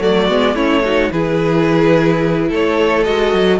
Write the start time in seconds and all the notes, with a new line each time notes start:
0.00 F#3 A3 F#4 D5
0.28 G#3 B3
0.55 A3 C#4 E4 C#5
0.85 D#4 F#4
1.12 E3 E4 G#4 B4
2.49 A3 A4 C#5
3.04 G#3 F#4 D#5
3.34 F#3